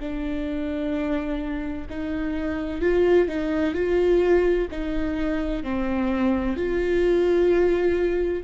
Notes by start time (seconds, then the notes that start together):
0.00 D4
1.90 D#4
2.81 F4
3.28 D#4
3.74 F4
4.71 D#4
5.63 C4
6.56 F4